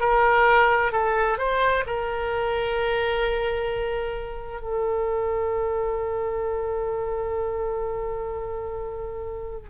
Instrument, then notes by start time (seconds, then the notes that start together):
oboe
0.00 A#4
0.92 A4
1.38 C5
1.86 A#4
4.61 A4